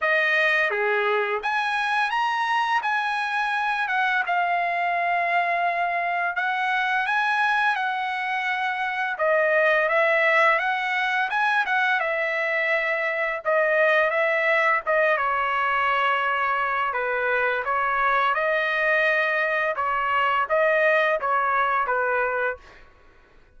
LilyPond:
\new Staff \with { instrumentName = "trumpet" } { \time 4/4 \tempo 4 = 85 dis''4 gis'4 gis''4 ais''4 | gis''4. fis''8 f''2~ | f''4 fis''4 gis''4 fis''4~ | fis''4 dis''4 e''4 fis''4 |
gis''8 fis''8 e''2 dis''4 | e''4 dis''8 cis''2~ cis''8 | b'4 cis''4 dis''2 | cis''4 dis''4 cis''4 b'4 | }